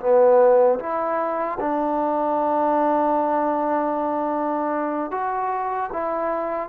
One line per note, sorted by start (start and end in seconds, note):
0.00 0.79 B3
0.80 1.59 E4
1.60 5.11 D4
5.11 5.90 F#4
5.93 6.70 E4